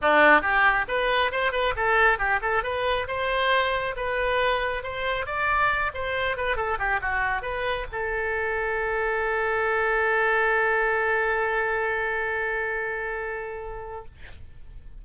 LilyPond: \new Staff \with { instrumentName = "oboe" } { \time 4/4 \tempo 4 = 137 d'4 g'4 b'4 c''8 b'8 | a'4 g'8 a'8 b'4 c''4~ | c''4 b'2 c''4 | d''4. c''4 b'8 a'8 g'8 |
fis'4 b'4 a'2~ | a'1~ | a'1~ | a'1 | }